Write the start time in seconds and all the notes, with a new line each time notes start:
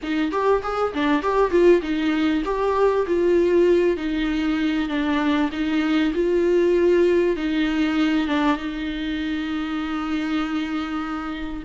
0.02 D#4
0.31 G4
0.62 G#4
0.93 D4
1.22 G4
1.50 F4
1.82 D#4
2.45 G4
3.06 F4
3.97 D#4
4.88 D4
5.51 D#4
6.14 F4
7.36 D#4
8.27 D4
8.57 D#4